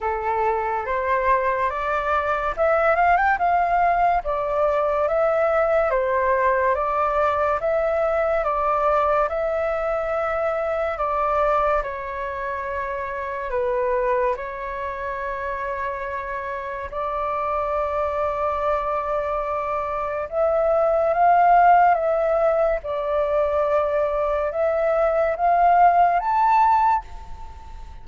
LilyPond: \new Staff \with { instrumentName = "flute" } { \time 4/4 \tempo 4 = 71 a'4 c''4 d''4 e''8 f''16 g''16 | f''4 d''4 e''4 c''4 | d''4 e''4 d''4 e''4~ | e''4 d''4 cis''2 |
b'4 cis''2. | d''1 | e''4 f''4 e''4 d''4~ | d''4 e''4 f''4 a''4 | }